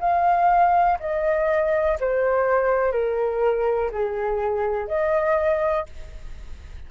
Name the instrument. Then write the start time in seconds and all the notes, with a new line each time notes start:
flute
0.00 F5
1.00 D#5
2.00 C5
2.92 A#4
3.91 G#4
4.87 D#5